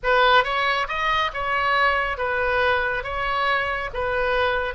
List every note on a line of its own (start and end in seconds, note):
0.03 0.44 B4
0.44 0.87 C#5
0.88 1.31 D#5
1.33 2.17 C#5
2.17 3.03 B4
3.03 3.90 C#5
3.93 4.74 B4